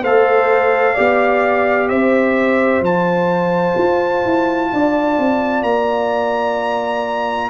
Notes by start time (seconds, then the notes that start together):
0.00 A3 A4 C5 F5
0.94 B3 G4 D5
1.89 C4 C5 E5
2.81 F3 F4 A5
3.78 F4
4.25 E4
4.73 D4 D5
5.18 C4
5.62 A#3 A#5